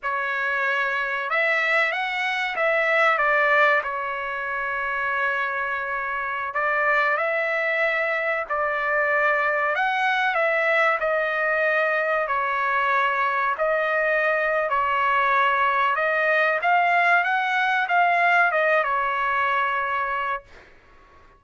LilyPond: \new Staff \with { instrumentName = "trumpet" } { \time 4/4 \tempo 4 = 94 cis''2 e''4 fis''4 | e''4 d''4 cis''2~ | cis''2~ cis''16 d''4 e''8.~ | e''4~ e''16 d''2 fis''8.~ |
fis''16 e''4 dis''2 cis''8.~ | cis''4~ cis''16 dis''4.~ dis''16 cis''4~ | cis''4 dis''4 f''4 fis''4 | f''4 dis''8 cis''2~ cis''8 | }